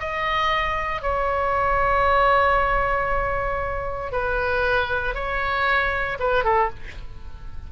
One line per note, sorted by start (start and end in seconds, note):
0.00 1.02 D#5
1.02 4.12 C#5
4.12 5.14 B4
5.14 6.18 C#5
6.19 6.44 B4
6.44 6.70 A4